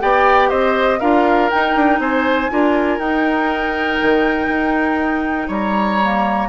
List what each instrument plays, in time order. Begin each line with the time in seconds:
0.00 bassoon B3, clarinet G4, oboe D5, flute G5
0.49 bassoon C4, oboe C5, flute D#5
1.00 bassoon D4, clarinet F4, oboe A#4, flute F5
1.50 clarinet D#4, bassoon D#4, flute G5
1.76 bassoon D4
1.99 bassoon C4, oboe C5, flute G#5
2.49 bassoon D4, clarinet F4, oboe A#4
2.98 bassoon D#4, clarinet D#4, flute G5
4.02 bassoon D#3
4.48 bassoon D#4
5.48 bassoon G3, oboe C#5, flute A#5
6.02 clarinet A#3